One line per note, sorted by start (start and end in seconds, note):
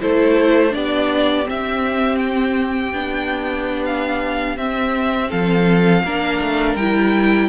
0.00 0.74 A3
0.00 0.70 E4
0.00 0.74 A4
0.00 0.74 C5
0.70 1.47 B3
0.70 1.43 D4
0.70 5.29 G4
0.70 1.47 D5
1.45 2.91 C4
1.45 2.92 C4
1.45 2.18 E5
2.18 3.82 G5
2.92 4.56 B3
2.92 4.57 D4
3.85 4.57 F5
4.56 5.30 C4
4.56 6.03 C4
4.56 5.30 E5
5.29 6.03 F3
5.29 6.02 A4
5.29 6.75 F5
6.03 6.40 A#3
6.03 6.78 D4
6.03 7.48 A#4
6.40 6.75 A3
6.75 7.48 G3
6.75 7.48 E4
6.75 7.48 G5